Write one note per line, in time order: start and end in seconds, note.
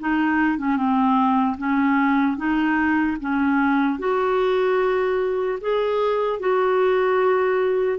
0.00 0.58 D#4
0.58 0.76 C#4
0.76 1.57 C4
1.57 2.37 C#4
2.37 3.17 D#4
3.20 3.99 C#4
3.99 5.59 F#4
5.61 6.40 G#4
6.40 7.99 F#4